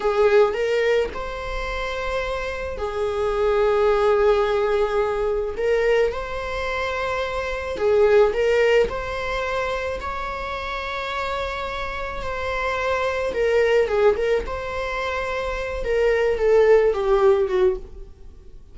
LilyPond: \new Staff \with { instrumentName = "viola" } { \time 4/4 \tempo 4 = 108 gis'4 ais'4 c''2~ | c''4 gis'2.~ | gis'2 ais'4 c''4~ | c''2 gis'4 ais'4 |
c''2 cis''2~ | cis''2 c''2 | ais'4 gis'8 ais'8 c''2~ | c''8 ais'4 a'4 g'4 fis'8 | }